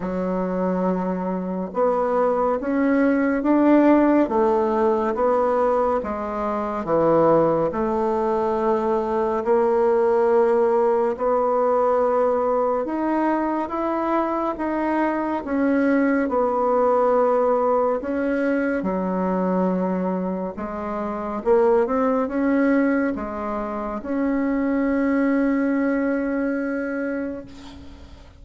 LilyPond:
\new Staff \with { instrumentName = "bassoon" } { \time 4/4 \tempo 4 = 70 fis2 b4 cis'4 | d'4 a4 b4 gis4 | e4 a2 ais4~ | ais4 b2 dis'4 |
e'4 dis'4 cis'4 b4~ | b4 cis'4 fis2 | gis4 ais8 c'8 cis'4 gis4 | cis'1 | }